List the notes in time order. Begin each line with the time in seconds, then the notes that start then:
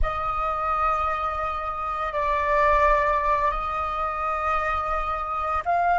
0.02 D#5
2.12 D5
3.51 D#5
5.65 F5